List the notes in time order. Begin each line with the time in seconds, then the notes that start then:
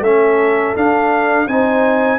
0.00 A3 C#4 A4 E5
0.75 D4 F5
1.47 C4 D#4 C5 G#5